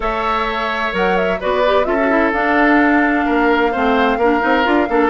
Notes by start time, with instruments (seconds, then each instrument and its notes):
0.00 bassoon A3, clarinet A4, oboe C#5, flute E5
0.92 bassoon F#3, clarinet A#4, flute F#5
1.16 flute E5
1.39 bassoon B3, clarinet F#4, oboe B4, flute D5
1.66 clarinet G4
1.84 bassoon C#4, clarinet F4, oboe A4, flute E5
2.00 clarinet F#4
2.09 clarinet E4
2.32 bassoon D4, clarinet D4, flute F5
3.25 bassoon A#3, oboe A#4
3.71 bassoon A3, clarinet C4, oboe C5
4.17 bassoon A#3, clarinet D4, oboe A#4
4.40 bassoon C4, clarinet D#4
4.63 bassoon D4, clarinet F4
4.88 bassoon A#3, clarinet D4, oboe A4